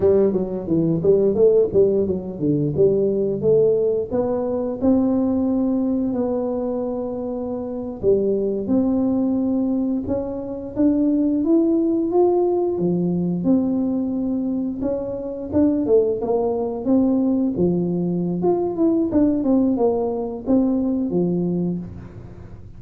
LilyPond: \new Staff \with { instrumentName = "tuba" } { \time 4/4 \tempo 4 = 88 g8 fis8 e8 g8 a8 g8 fis8 d8 | g4 a4 b4 c'4~ | c'4 b2~ b8. g16~ | g8. c'2 cis'4 d'16~ |
d'8. e'4 f'4 f4 c'16~ | c'4.~ c'16 cis'4 d'8 a8 ais16~ | ais8. c'4 f4~ f16 f'8 e'8 | d'8 c'8 ais4 c'4 f4 | }